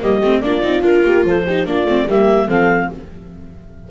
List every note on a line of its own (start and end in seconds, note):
0.00 0.21 G3
0.00 0.21 A#3
0.00 0.44 G4
0.00 0.41 D#5
0.21 0.42 A3
0.21 0.44 C4
0.41 0.63 A#3
0.41 0.61 D4
0.41 1.05 F4
0.41 0.82 D5
0.61 0.82 C4
0.61 0.82 D#4
0.82 1.02 D4
0.82 1.43 F4
0.82 1.25 A#4
1.05 1.24 A#3
1.05 1.26 G4
1.24 1.65 F3
1.24 1.46 A4
1.24 1.68 C5
1.46 1.66 D#4
1.46 1.67 G4
1.65 1.85 A#3
1.65 1.87 D4
1.65 2.08 F4
1.65 2.10 D5
1.85 2.05 A3
1.85 2.09 C4
2.07 2.48 G3
2.07 2.49 A#3
2.07 2.47 G4
2.07 2.49 E5
2.47 2.90 F3
2.47 2.90 C4
2.47 2.88 A4
2.47 2.90 F5